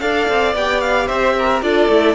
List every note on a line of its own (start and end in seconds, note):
0.00 0.29 D4
0.00 0.54 A4
0.00 1.07 D5
0.00 0.55 F5
0.29 0.55 C4
0.55 1.09 B3
0.55 1.63 G4
0.55 0.81 G5
0.81 1.08 F5
1.07 1.62 C4
1.07 1.34 C5
1.07 1.62 E5
1.39 1.65 A#4
1.62 1.89 D4
1.62 1.90 F4
1.62 2.15 A4
1.62 2.15 D5
1.89 2.15 A3
1.89 2.15 E4